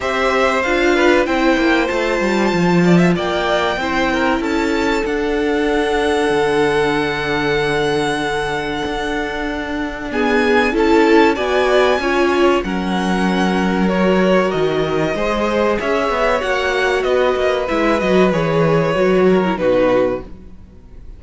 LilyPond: <<
  \new Staff \with { instrumentName = "violin" } { \time 4/4 \tempo 4 = 95 e''4 f''4 g''4 a''4~ | a''4 g''2 a''4 | fis''1~ | fis''1 |
gis''4 a''4 gis''2 | fis''2 cis''4 dis''4~ | dis''4 e''4 fis''4 dis''4 | e''8 dis''8 cis''2 b'4 | }
  \new Staff \with { instrumentName = "violin" } { \time 4/4 c''4. b'8 c''2~ | c''8 d''16 e''16 d''4 c''8 ais'8 a'4~ | a'1~ | a'1 |
gis'4 a'4 d''4 cis''4 | ais'1 | c''4 cis''2 b'4~ | b'2~ b'8 ais'8 fis'4 | }
  \new Staff \with { instrumentName = "viola" } { \time 4/4 g'4 f'4 e'4 f'4~ | f'2 e'2 | d'1~ | d'1 |
b4 e'4 fis'4 f'4 | cis'2 fis'2 | gis'2 fis'2 | e'8 fis'8 gis'4 fis'8. e'16 dis'4 | }
  \new Staff \with { instrumentName = "cello" } { \time 4/4 c'4 d'4 c'8 ais8 a8 g8 | f4 ais4 c'4 cis'4 | d'2 d2~ | d2 d'2~ |
d'4 cis'4 b4 cis'4 | fis2. dis4 | gis4 cis'8 b8 ais4 b8 ais8 | gis8 fis8 e4 fis4 b,4 | }
>>